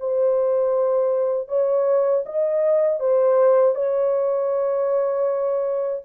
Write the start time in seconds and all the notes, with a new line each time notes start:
0.00 C5
1.48 C#5
2.26 D#5
3.00 C5
3.75 C#5